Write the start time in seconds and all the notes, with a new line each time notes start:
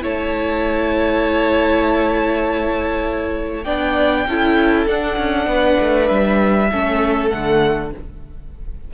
0.00 A3 E4 C#5 A5
3.63 B3 D4 D5 G5
4.26 C#4 E4 A4
4.86 D4 F#5
5.17 C#4
5.46 B3 B4
5.79 A3
6.07 G3 E5
6.70 A3 C#4 A4
7.30 D3 A3 F#5